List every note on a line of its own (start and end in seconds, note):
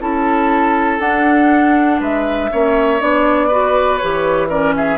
0.00 0.99 C#4
0.00 1.00 E4
0.00 2.00 A4
0.00 1.00 A5
0.99 1.99 D4
0.99 2.50 D4
0.99 2.00 F#5
2.00 2.50 G#3
2.00 2.50 B4
2.00 3.02 E5
2.51 3.01 A#3
2.51 3.00 C#4
2.51 3.48 C#5
3.00 4.01 B3
3.00 3.50 D4
3.00 3.98 D5
3.48 4.00 F#4
3.48 4.48 B4
3.98 4.98 E3
3.98 4.50 G4
3.98 4.47 C#5
4.49 4.98 C#4
4.49 4.74 A#4
4.49 4.75 D5
4.76 4.98 G#4
4.76 4.98 E5